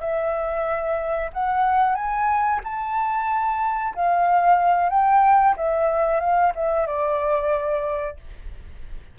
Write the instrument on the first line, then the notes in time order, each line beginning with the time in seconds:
flute
0.00 E5
1.33 F#5
1.95 G#5
2.64 A5
3.95 F5
4.89 G5
5.56 E5
6.20 F5
6.55 E5
6.86 D5